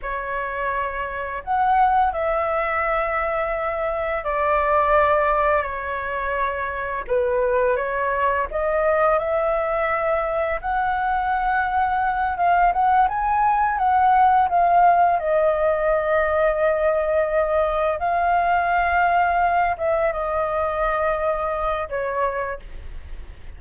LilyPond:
\new Staff \with { instrumentName = "flute" } { \time 4/4 \tempo 4 = 85 cis''2 fis''4 e''4~ | e''2 d''2 | cis''2 b'4 cis''4 | dis''4 e''2 fis''4~ |
fis''4. f''8 fis''8 gis''4 fis''8~ | fis''8 f''4 dis''2~ dis''8~ | dis''4. f''2~ f''8 | e''8 dis''2~ dis''8 cis''4 | }